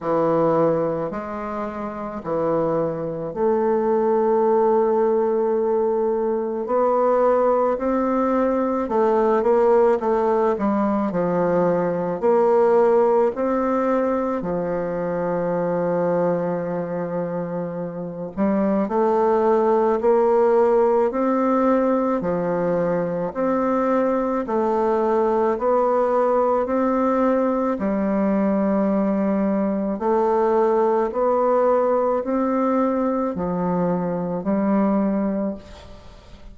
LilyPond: \new Staff \with { instrumentName = "bassoon" } { \time 4/4 \tempo 4 = 54 e4 gis4 e4 a4~ | a2 b4 c'4 | a8 ais8 a8 g8 f4 ais4 | c'4 f2.~ |
f8 g8 a4 ais4 c'4 | f4 c'4 a4 b4 | c'4 g2 a4 | b4 c'4 f4 g4 | }